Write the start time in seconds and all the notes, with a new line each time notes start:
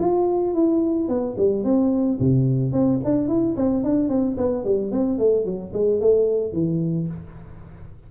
0.00 F4
0.55 E4
1.09 B3
1.38 G3
1.65 C4
2.20 C3
2.73 C4
3.05 D4
3.28 E4
3.57 C4
3.84 D4
4.09 C4
4.38 B3
4.65 G3
4.92 C4
5.19 A3
5.46 F#3
5.74 G#3
6.01 A3
6.53 E3